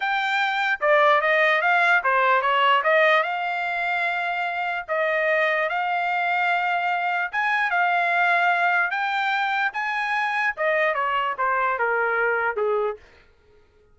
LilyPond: \new Staff \with { instrumentName = "trumpet" } { \time 4/4 \tempo 4 = 148 g''2 d''4 dis''4 | f''4 c''4 cis''4 dis''4 | f''1 | dis''2 f''2~ |
f''2 gis''4 f''4~ | f''2 g''2 | gis''2 dis''4 cis''4 | c''4 ais'2 gis'4 | }